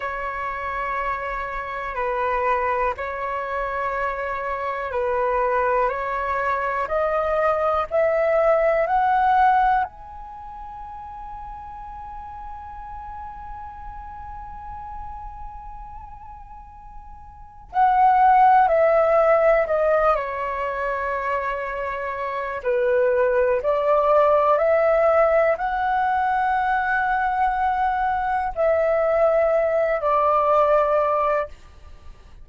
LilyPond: \new Staff \with { instrumentName = "flute" } { \time 4/4 \tempo 4 = 61 cis''2 b'4 cis''4~ | cis''4 b'4 cis''4 dis''4 | e''4 fis''4 gis''2~ | gis''1~ |
gis''2 fis''4 e''4 | dis''8 cis''2~ cis''8 b'4 | d''4 e''4 fis''2~ | fis''4 e''4. d''4. | }